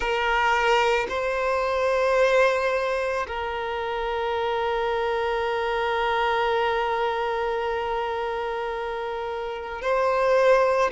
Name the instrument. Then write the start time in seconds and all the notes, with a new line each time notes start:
violin
0.00 A#4
1.09 C5
3.27 A#4
9.81 C5